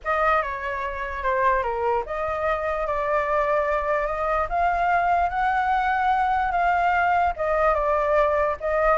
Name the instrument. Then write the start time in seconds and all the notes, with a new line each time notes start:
flute
0.04 D#5
0.42 C#5
1.23 C5
1.62 A#4
2.06 D#5
2.86 D5
4.06 D#5
4.49 F5
5.29 F#5
6.51 F5
7.36 D#5
7.74 D5
8.60 D#5